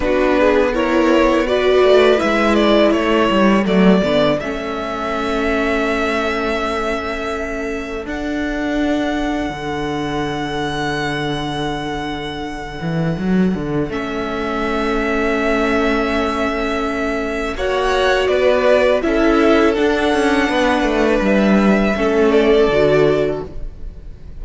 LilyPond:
<<
  \new Staff \with { instrumentName = "violin" } { \time 4/4 \tempo 4 = 82 b'4 cis''4 d''4 e''8 d''8 | cis''4 d''4 e''2~ | e''2. fis''4~ | fis''1~ |
fis''2. e''4~ | e''1 | fis''4 d''4 e''4 fis''4~ | fis''4 e''4. d''4. | }
  \new Staff \with { instrumentName = "violin" } { \time 4/4 fis'8 gis'8 ais'4 b'2 | a'1~ | a'1~ | a'1~ |
a'1~ | a'1 | cis''4 b'4 a'2 | b'2 a'2 | }
  \new Staff \with { instrumentName = "viola" } { \time 4/4 d'4 e'4 fis'4 e'4~ | e'4 a8 b8 cis'2~ | cis'2. d'4~ | d'1~ |
d'2. cis'4~ | cis'1 | fis'2 e'4 d'4~ | d'2 cis'4 fis'4 | }
  \new Staff \with { instrumentName = "cello" } { \time 4/4 b2~ b8 a8 gis4 | a8 g8 fis8 d8 a2~ | a2. d'4~ | d'4 d2.~ |
d4. e8 fis8 d8 a4~ | a1 | ais4 b4 cis'4 d'8 cis'8 | b8 a8 g4 a4 d4 | }
>>